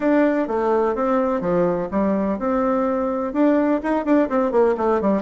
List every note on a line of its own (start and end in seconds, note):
0.00 0.47 D4
0.47 0.95 A3
0.95 1.40 C4
1.40 1.88 F3
1.91 2.38 G3
2.38 3.33 C4
3.33 3.80 D4
3.82 4.05 D#4
4.05 4.29 D4
4.29 4.51 C4
4.51 4.75 A#3
4.77 5.01 A3
5.01 5.21 G3